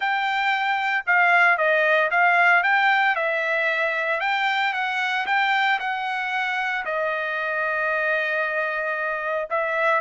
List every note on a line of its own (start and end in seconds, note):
0.00 1.04 G5
1.06 1.57 F5
1.57 2.10 D#5
2.10 2.63 F5
2.63 3.15 G5
3.15 4.20 E5
4.20 4.73 G5
4.73 5.26 F#5
5.26 5.79 G5
5.79 6.84 F#5
6.85 9.48 D#5
9.50 10.00 E5